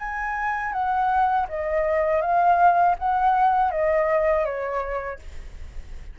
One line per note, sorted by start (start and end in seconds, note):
0.00 0.73 G#5
0.73 1.47 F#5
1.49 2.22 D#5
2.22 2.96 F5
2.99 3.72 F#5
3.72 4.45 D#5
4.45 5.20 C#5